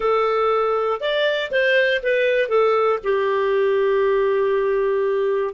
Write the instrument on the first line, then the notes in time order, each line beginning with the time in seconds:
clarinet
0.00 A4
1.00 D5
1.51 C5
2.02 B4
2.48 A4
3.03 G4